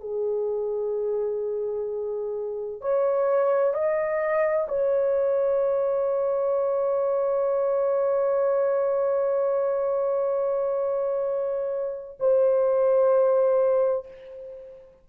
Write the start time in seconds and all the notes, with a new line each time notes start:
0.00 G#4
2.81 C#5
3.73 D#5
4.68 C#5
12.20 C5